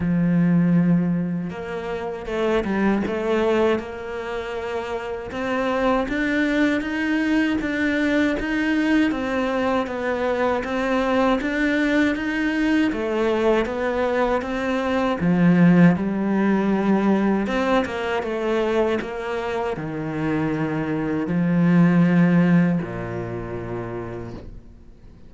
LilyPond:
\new Staff \with { instrumentName = "cello" } { \time 4/4 \tempo 4 = 79 f2 ais4 a8 g8 | a4 ais2 c'4 | d'4 dis'4 d'4 dis'4 | c'4 b4 c'4 d'4 |
dis'4 a4 b4 c'4 | f4 g2 c'8 ais8 | a4 ais4 dis2 | f2 ais,2 | }